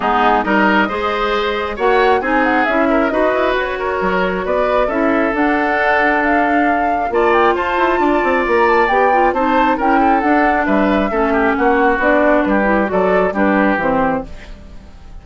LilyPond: <<
  \new Staff \with { instrumentName = "flute" } { \time 4/4 \tempo 4 = 135 gis'4 dis''2. | fis''4 gis''8 fis''8 e''4 dis''4 | cis''2 d''4 e''4 | fis''2 f''2 |
a''8 g''8 a''2 ais''8 a''8 | g''4 a''4 g''4 fis''4 | e''2 fis''4 d''4 | b'4 d''4 b'4 c''4 | }
  \new Staff \with { instrumentName = "oboe" } { \time 4/4 dis'4 ais'4 c''2 | cis''4 gis'4. ais'8 b'4~ | b'8 ais'4. b'4 a'4~ | a'1 |
d''4 c''4 d''2~ | d''4 c''4 ais'8 a'4. | b'4 a'8 g'8 fis'2 | g'4 a'4 g'2 | }
  \new Staff \with { instrumentName = "clarinet" } { \time 4/4 b4 dis'4 gis'2 | fis'4 dis'4 e'4 fis'4~ | fis'2. e'4 | d'1 |
f'1 | g'8 f'8 dis'4 e'4 d'4~ | d'4 cis'2 d'4~ | d'8 e'8 fis'4 d'4 c'4 | }
  \new Staff \with { instrumentName = "bassoon" } { \time 4/4 gis4 g4 gis2 | ais4 c'4 cis'4 dis'8 e'8 | fis'4 fis4 b4 cis'4 | d'1 |
ais4 f'8 e'8 d'8 c'8 ais4 | b4 c'4 cis'4 d'4 | g4 a4 ais4 b4 | g4 fis4 g4 e4 | }
>>